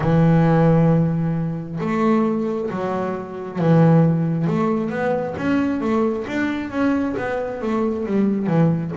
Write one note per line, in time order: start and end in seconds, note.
0.00 1.79 E3
1.80 2.69 A3
2.70 3.59 F#3
3.59 4.47 E3
4.47 4.90 A3
4.90 5.34 B3
5.37 5.80 C#4
5.80 6.25 A3
6.27 6.70 D4
6.70 7.15 C#4
7.16 7.61 B3
7.61 8.06 A3
8.06 8.46 G3
8.46 8.91 E3